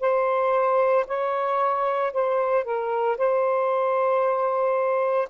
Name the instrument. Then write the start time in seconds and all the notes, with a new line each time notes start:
saxophone
0.00 C5
1.07 C#5
2.13 C5
2.64 A#4
3.18 C5